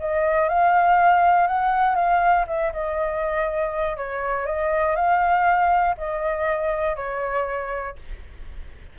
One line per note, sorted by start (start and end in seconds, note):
0.00 0.49 D#5
0.49 1.47 F5
1.47 1.95 F#5
1.95 2.45 F5
2.48 2.73 E5
2.73 3.97 D#5
3.97 4.46 C#5
4.46 4.96 D#5
4.96 5.96 F5
5.98 6.96 D#5
6.96 7.96 C#5